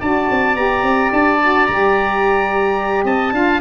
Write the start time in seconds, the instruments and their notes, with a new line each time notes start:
0.00 tuba D4, saxophone F#4, oboe D5, trumpet A5
0.30 tuba C4
0.55 tuba B3, saxophone G4, trumpet A#5
0.83 tuba C4
1.13 tuba D4, trumpet A5
1.42 saxophone F#4
1.67 tuba G3, saxophone G4, trumpet A#5
3.04 tuba C4, oboe D#5, trumpet A5
3.32 tuba D4, saxophone F4, oboe F5